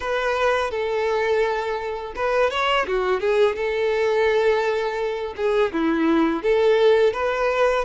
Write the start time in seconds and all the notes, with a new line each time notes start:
0.00 B4
0.70 A4
2.15 B4
2.50 C#5
2.86 F#4
3.20 G#4
3.55 A4
5.36 G#4
5.72 E4
6.42 A4
7.13 B4